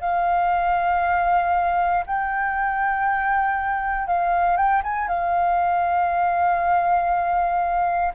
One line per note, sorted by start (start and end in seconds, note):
0.00 2.03 F5
2.06 4.07 G5
4.07 4.56 F5
4.56 4.82 G5
4.83 5.08 G#5
5.08 8.13 F5